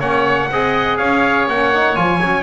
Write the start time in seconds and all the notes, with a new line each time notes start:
0.00 A#3 C#4 C#5 F#5
0.51 C4 G#4 D#5
0.98 C#4 C#5 F5
1.47 A#3 C#4 F#5
1.74 D#4
1.96 F3 F4 G#5
2.21 F#3 C#4